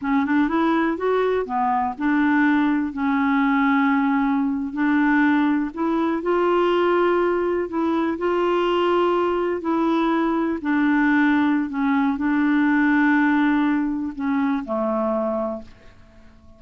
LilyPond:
\new Staff \with { instrumentName = "clarinet" } { \time 4/4 \tempo 4 = 123 cis'8 d'8 e'4 fis'4 b4 | d'2 cis'2~ | cis'4.~ cis'16 d'2 e'16~ | e'8. f'2. e'16~ |
e'8. f'2. e'16~ | e'4.~ e'16 d'2~ d'16 | cis'4 d'2.~ | d'4 cis'4 a2 | }